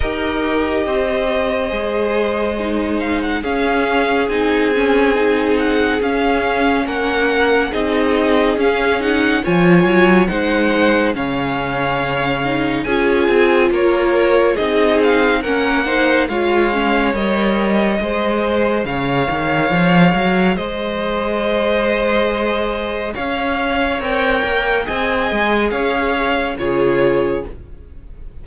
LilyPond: <<
  \new Staff \with { instrumentName = "violin" } { \time 4/4 \tempo 4 = 70 dis''2.~ dis''8 f''16 fis''16 | f''4 gis''4. fis''8 f''4 | fis''4 dis''4 f''8 fis''8 gis''4 | fis''4 f''2 gis''4 |
cis''4 dis''8 f''8 fis''4 f''4 | dis''2 f''2 | dis''2. f''4 | g''4 gis''4 f''4 cis''4 | }
  \new Staff \with { instrumentName = "violin" } { \time 4/4 ais'4 c''2. | gis'1 | ais'4 gis'2 cis''4 | c''4 cis''2 gis'4 |
ais'4 gis'4 ais'8 c''8 cis''4~ | cis''4 c''4 cis''2 | c''2. cis''4~ | cis''4 dis''4 cis''4 gis'4 | }
  \new Staff \with { instrumentName = "viola" } { \time 4/4 g'2 gis'4 dis'4 | cis'4 dis'8 cis'8 dis'4 cis'4~ | cis'4 dis'4 cis'8 dis'8 f'4 | dis'4 cis'4. dis'8 f'4~ |
f'4 dis'4 cis'8 dis'8 f'8 cis'8 | ais'4 gis'2.~ | gis'1 | ais'4 gis'2 f'4 | }
  \new Staff \with { instrumentName = "cello" } { \time 4/4 dis'4 c'4 gis2 | cis'4 c'2 cis'4 | ais4 c'4 cis'4 f8 fis8 | gis4 cis2 cis'8 c'8 |
ais4 c'4 ais4 gis4 | g4 gis4 cis8 dis8 f8 fis8 | gis2. cis'4 | c'8 ais8 c'8 gis8 cis'4 cis4 | }
>>